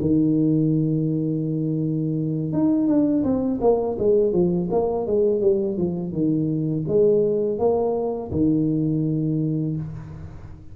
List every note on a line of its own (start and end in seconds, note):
0.00 2.52 D#3
2.52 2.87 D#4
2.87 3.23 D4
3.23 3.59 C4
3.60 3.97 A#3
3.98 4.32 G#3
4.32 4.69 F3
4.71 5.06 A#3
5.06 5.41 G#3
5.41 5.77 G3
5.77 6.12 F3
6.12 6.84 D#3
6.87 7.58 G#3
7.58 8.31 A#3
8.31 9.76 D#3